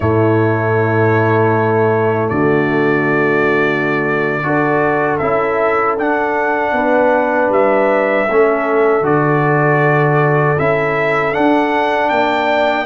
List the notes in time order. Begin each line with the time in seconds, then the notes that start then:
0.00 A2 A3 E4 C#5
2.29 D3 F#4 D5
4.42 D4 F#4 A4
5.18 C#4 E4 E5
5.97 D4 F#5
6.71 B3 B4
7.49 G3 E5
8.29 A3 C#4 A4
9.00 D3 F#4 D5
10.59 C#4 E4 E5
11.32 D4 F#5
12.09 A#3 D5 G5